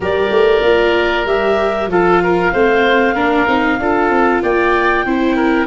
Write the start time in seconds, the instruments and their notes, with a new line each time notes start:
0.00 tuba G3, viola G4, oboe A#4, clarinet D5
0.30 tuba A3
0.62 tuba A#3, viola F4
1.25 tuba G3, viola G4, clarinet E5
1.87 tuba F3, viola F4, oboe A4, clarinet F5
2.23 oboe A#4
2.52 tuba A3, viola C4, oboe C5
3.14 tuba A#3, viola D4, oboe A#4
3.46 tuba C4, viola D#4
3.79 tuba D4, viola F4, oboe A4
4.09 tuba C4
4.42 tuba A#3, oboe D5, clarinet G5
5.05 tuba C4, viola E4, oboe C5
5.36 oboe A#4